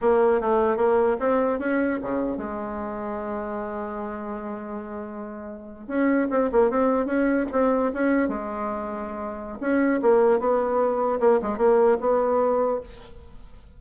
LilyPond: \new Staff \with { instrumentName = "bassoon" } { \time 4/4 \tempo 4 = 150 ais4 a4 ais4 c'4 | cis'4 cis4 gis2~ | gis1~ | gis2~ gis8. cis'4 c'16~ |
c'16 ais8 c'4 cis'4 c'4 cis'16~ | cis'8. gis2.~ gis16 | cis'4 ais4 b2 | ais8 gis8 ais4 b2 | }